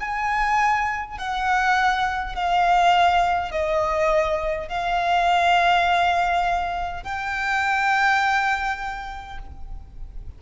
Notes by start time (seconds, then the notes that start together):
0.00 G#5
1.18 F#5
2.35 F5
3.51 D#5
4.68 F5
7.03 G5